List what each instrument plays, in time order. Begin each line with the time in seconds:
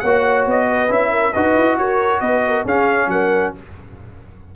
0.00 tuba A#3, horn C#5, trumpet F#5
0.06 trombone F#4
0.46 tuba B3, trumpet D#5
0.69 horn B4
0.89 tuba C#4, trombone E4, trumpet E5
1.11 horn A#4
1.33 tuba D#4, trombone F#4, horn B4, trumpet D#5
1.57 tuba E4
1.78 tuba F#4, horn A#4, trumpet C#5
2.20 tuba B3, horn B4, trumpet D#5
2.48 horn A#4
2.65 tuba C#4, trombone C#4, horn G#4, trumpet F5
3.07 tuba F#3, horn A#4, trumpet F#5